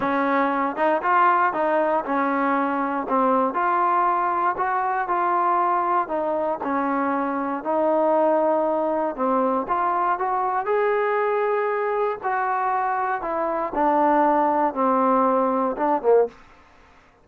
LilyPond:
\new Staff \with { instrumentName = "trombone" } { \time 4/4 \tempo 4 = 118 cis'4. dis'8 f'4 dis'4 | cis'2 c'4 f'4~ | f'4 fis'4 f'2 | dis'4 cis'2 dis'4~ |
dis'2 c'4 f'4 | fis'4 gis'2. | fis'2 e'4 d'4~ | d'4 c'2 d'8 ais8 | }